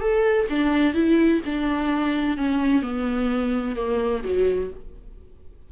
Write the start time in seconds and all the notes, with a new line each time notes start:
0.00 A4
0.49 D4
0.94 E4
1.45 D4
2.37 C#4
2.82 B3
3.76 A#3
4.23 F#3